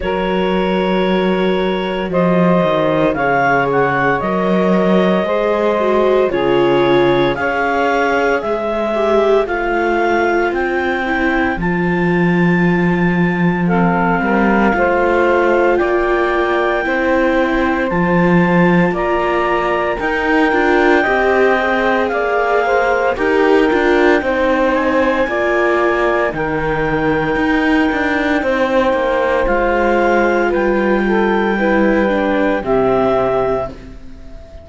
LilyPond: <<
  \new Staff \with { instrumentName = "clarinet" } { \time 4/4 \tempo 4 = 57 cis''2 dis''4 f''8 fis''8 | dis''2 cis''4 f''4 | e''4 f''4 g''4 a''4~ | a''4 f''2 g''4~ |
g''4 a''4 ais''4 g''4~ | g''4 f''4 g''4. gis''8~ | gis''4 g''2. | f''4 g''2 e''4 | }
  \new Staff \with { instrumentName = "saxophone" } { \time 4/4 ais'2 c''4 cis''4~ | cis''4 c''4 gis'4 cis''4 | c''1~ | c''4 a'8 ais'8 c''4 d''4 |
c''2 d''4 ais'4 | dis''4 d''8 c''8 ais'4 c''4 | d''4 ais'2 c''4~ | c''4 b'8 a'8 b'4 g'4 | }
  \new Staff \with { instrumentName = "viola" } { \time 4/4 fis'2. gis'4 | ais'4 gis'8 fis'8 f'4 gis'4~ | gis'8 g'8 f'4. e'8 f'4~ | f'4 c'4 f'2 |
e'4 f'2 dis'8 f'8 | g'8 gis'4. g'8 f'8 dis'4 | f'4 dis'2. | f'2 e'8 d'8 c'4 | }
  \new Staff \with { instrumentName = "cello" } { \time 4/4 fis2 f8 dis8 cis4 | fis4 gis4 cis4 cis'4 | gis4 a4 c'4 f4~ | f4. g8 a4 ais4 |
c'4 f4 ais4 dis'8 d'8 | c'4 ais4 dis'8 d'8 c'4 | ais4 dis4 dis'8 d'8 c'8 ais8 | gis4 g2 c4 | }
>>